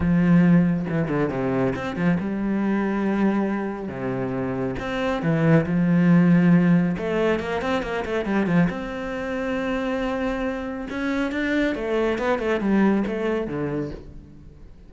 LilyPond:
\new Staff \with { instrumentName = "cello" } { \time 4/4 \tempo 4 = 138 f2 e8 d8 c4 | c'8 f8 g2.~ | g4 c2 c'4 | e4 f2. |
a4 ais8 c'8 ais8 a8 g8 f8 | c'1~ | c'4 cis'4 d'4 a4 | b8 a8 g4 a4 d4 | }